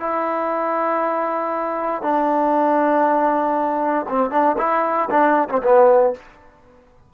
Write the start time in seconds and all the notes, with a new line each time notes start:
0.00 E4
2.03 D4
4.09 C4
4.31 D4
4.58 E4
5.11 D4
5.49 C4
5.63 B3